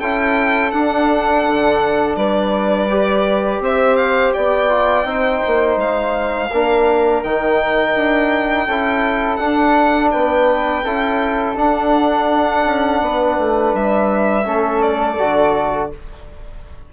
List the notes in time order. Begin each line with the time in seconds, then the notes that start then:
0.00 C#4 E4 A4 G5
0.71 D4 F#5
1.47 D3
2.16 G3 B4 D5
2.90 G4
3.60 C4 C5 E5
3.97 F5
4.34 B3 D5 G5
4.69 F4
5.05 C4 D#4 C5
5.47 A#3
5.77 G#3 F5
6.50 A#3 D4 A#4
7.23 D#3 D#4 G5
7.95 D4
8.67 C#4 E4 A4
9.37 D4 F#5
9.44 D4
10.11 B3 B4 G5
10.84 C#4 E4 A4
11.55 D4 F#5
12.66 C#4
13.02 B3 B4
13.39 A3
13.74 G3 E5
14.45 A3 C#4 A4
14.82 D5
15.19 D3 F#4